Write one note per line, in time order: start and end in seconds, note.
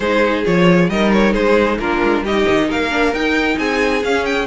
0.00 0.43 G#3
0.00 0.45 D#4
0.00 0.90 G#4
0.00 0.44 C5
0.45 0.89 F3
0.45 0.89 F4
0.45 0.89 C#5
0.89 1.34 G3
0.89 1.80 D#4
0.89 1.33 A#4
0.89 1.12 D#5
1.12 1.33 C#5
1.33 1.78 G#3
1.33 1.77 G#4
1.33 1.78 C5
1.79 2.01 A#3
1.79 2.25 D4
1.79 2.23 F4
1.79 2.24 A#4
2.03 2.22 G#3
2.22 2.44 G3
2.22 2.90 D#4
2.22 2.67 G4
2.22 2.70 D#5
2.49 2.71 D#3
2.67 3.13 A#3
2.67 3.57 A#4
2.67 3.13 F5
2.90 3.12 D4
3.13 3.57 D#4
3.13 4.02 D#4
3.13 3.58 G5
3.58 4.03 C4
3.58 4.46 G#4
3.58 4.03 G#5
4.02 4.46 C#4
4.02 4.25 F5
4.25 4.46 G5